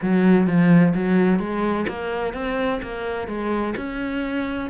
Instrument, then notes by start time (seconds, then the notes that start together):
cello
0.02 F#3
0.46 F3
0.94 F#3
1.39 G#3
1.88 A#3
2.33 C4
2.82 A#3
3.27 G#3
3.76 C#4